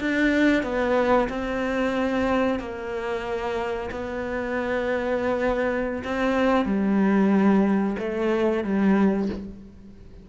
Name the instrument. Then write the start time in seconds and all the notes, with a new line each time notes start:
cello
0.00 D4
0.63 B3
1.29 C4
2.59 A#3
3.91 B3
6.04 C4
6.66 G3
7.99 A3
8.64 G3